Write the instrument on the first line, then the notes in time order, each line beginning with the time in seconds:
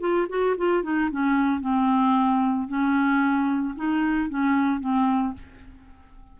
clarinet
0.00 F4
0.29 F#4
0.57 F4
0.83 D#4
1.11 C#4
1.60 C4
2.68 C#4
3.75 D#4
4.29 C#4
4.80 C4